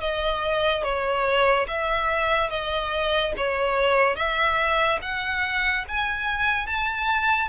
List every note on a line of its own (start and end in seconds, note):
0.00 0.83 D#5
0.83 1.66 C#5
1.67 2.49 E5
2.49 3.33 D#5
3.36 4.15 C#5
4.15 4.98 E5
5.02 5.85 F#5
5.88 6.66 G#5
6.66 7.48 A5